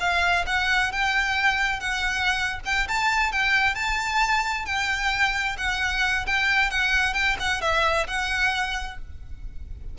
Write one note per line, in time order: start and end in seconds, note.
0.00 0.45 F5
0.46 0.92 F#5
0.92 1.80 G5
1.80 2.60 F#5
2.65 2.88 G5
2.88 3.32 A5
3.32 3.75 G5
3.75 4.66 A5
4.66 5.57 G5
5.58 6.26 F#5
6.26 6.70 G5
6.70 7.14 F#5
7.14 7.37 G5
7.39 7.61 F#5
7.61 8.07 E5
8.07 8.98 F#5